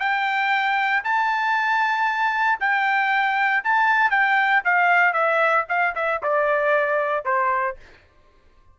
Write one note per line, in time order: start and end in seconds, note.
0.00 1.03 G5
1.04 2.59 A5
2.60 3.64 G5
3.64 4.11 A5
4.11 4.62 G5
4.65 5.13 F5
5.13 5.65 E5
5.69 5.95 F5
5.96 6.21 E5
6.23 7.25 D5
7.25 7.77 C5